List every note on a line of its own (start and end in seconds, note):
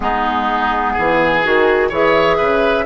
0.00 0.95 G#3
0.00 1.42 B3
0.00 0.93 D#4
0.00 1.89 G#4
0.93 1.45 E3
0.93 1.88 G#4
1.43 1.90 D#3
1.43 1.90 F#4
1.89 2.38 E3
1.89 2.85 G#4
1.89 2.36 C#5
1.89 2.85 E5
2.37 2.85 C#3
2.37 2.84 B4